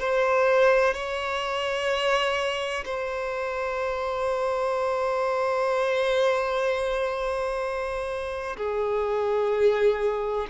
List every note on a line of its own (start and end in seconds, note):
0.00 0.94 C5
0.94 2.84 C#5
2.85 8.57 C5
8.57 10.48 G#4